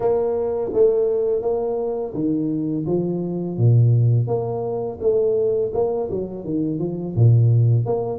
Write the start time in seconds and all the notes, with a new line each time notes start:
0.00 A#3
0.73 A3
1.41 A#3
2.14 D#3
2.86 F3
3.57 A#2
4.27 A#3
5.00 A3
5.73 A#3
6.11 F#3
6.44 D#3
6.79 F3
7.15 A#2
7.85 A#3